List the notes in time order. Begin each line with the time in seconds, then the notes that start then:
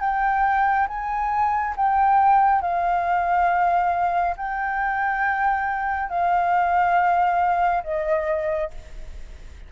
0.00 G5
0.87 G#5
1.76 G5
2.62 F5
4.36 G5
6.09 F5
7.83 D#5